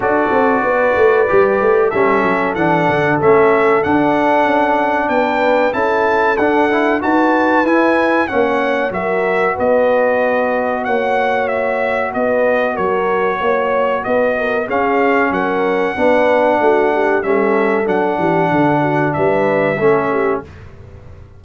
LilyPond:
<<
  \new Staff \with { instrumentName = "trumpet" } { \time 4/4 \tempo 4 = 94 d''2. e''4 | fis''4 e''4 fis''2 | g''4 a''4 fis''4 a''4 | gis''4 fis''4 e''4 dis''4~ |
dis''4 fis''4 e''4 dis''4 | cis''2 dis''4 f''4 | fis''2. e''4 | fis''2 e''2 | }
  \new Staff \with { instrumentName = "horn" } { \time 4/4 a'4 b'2 a'4~ | a'1 | b'4 a'2 b'4~ | b'4 cis''4 ais'4 b'4~ |
b'4 cis''2 b'4 | ais'4 cis''4 b'8 ais'8 gis'4 | ais'4 b'4 fis'8 g'8 a'4~ | a'8 g'8 a'8 fis'8 b'4 a'8 g'8 | }
  \new Staff \with { instrumentName = "trombone" } { \time 4/4 fis'2 g'4 cis'4 | d'4 cis'4 d'2~ | d'4 e'4 d'8 e'8 fis'4 | e'4 cis'4 fis'2~ |
fis'1~ | fis'2. cis'4~ | cis'4 d'2 cis'4 | d'2. cis'4 | }
  \new Staff \with { instrumentName = "tuba" } { \time 4/4 d'8 c'8 b8 a8 g8 a8 g8 fis8 | e8 d8 a4 d'4 cis'4 | b4 cis'4 d'4 dis'4 | e'4 ais4 fis4 b4~ |
b4 ais2 b4 | fis4 ais4 b4 cis'4 | fis4 b4 a4 g4 | fis8 e8 d4 g4 a4 | }
>>